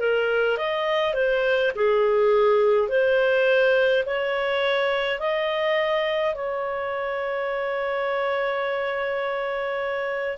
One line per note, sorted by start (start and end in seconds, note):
0.00 0.58 A#4
0.58 1.14 D#5
1.14 1.72 C5
1.76 2.89 G#4
2.89 4.04 C5
4.06 5.20 C#5
5.20 6.35 D#5
6.35 10.38 C#5